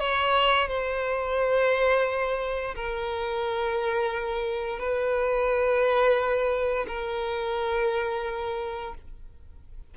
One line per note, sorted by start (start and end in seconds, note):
0.00 0.68 C#5
0.68 2.75 C5
2.76 4.79 A#4
4.79 6.86 B4
6.88 8.95 A#4